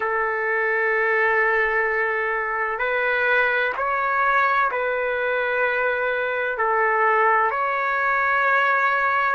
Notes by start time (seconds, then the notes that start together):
0.00 A4
2.79 B4
3.77 C#5
4.71 B4
6.57 A4
7.50 C#5